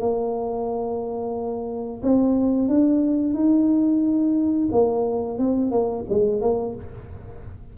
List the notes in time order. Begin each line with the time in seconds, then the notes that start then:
0.00 A#3
2.03 C4
2.69 D4
3.34 D#4
4.72 A#3
5.39 C4
5.72 A#3
6.10 G#3
6.42 A#3